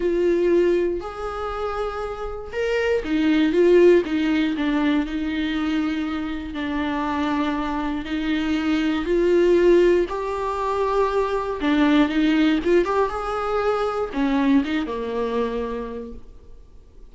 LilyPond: \new Staff \with { instrumentName = "viola" } { \time 4/4 \tempo 4 = 119 f'2 gis'2~ | gis'4 ais'4 dis'4 f'4 | dis'4 d'4 dis'2~ | dis'4 d'2. |
dis'2 f'2 | g'2. d'4 | dis'4 f'8 g'8 gis'2 | cis'4 dis'8 ais2~ ais8 | }